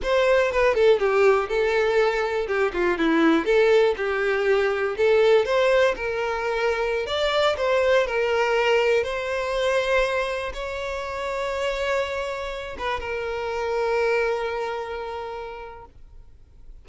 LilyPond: \new Staff \with { instrumentName = "violin" } { \time 4/4 \tempo 4 = 121 c''4 b'8 a'8 g'4 a'4~ | a'4 g'8 f'8 e'4 a'4 | g'2 a'4 c''4 | ais'2~ ais'16 d''4 c''8.~ |
c''16 ais'2 c''4.~ c''16~ | c''4~ c''16 cis''2~ cis''8.~ | cis''4.~ cis''16 b'8 ais'4.~ ais'16~ | ais'1 | }